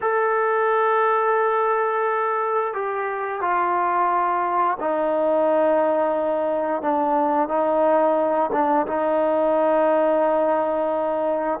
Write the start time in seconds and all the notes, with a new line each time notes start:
0.01 A4
2.73 G4
3.41 F4
4.79 D#4
6.82 D4
7.48 D#4
8.52 D4
8.86 D#4